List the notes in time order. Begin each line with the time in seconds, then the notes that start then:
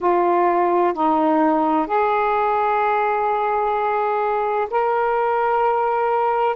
0.00 F4
0.93 D#4
1.86 G#4
4.70 A#4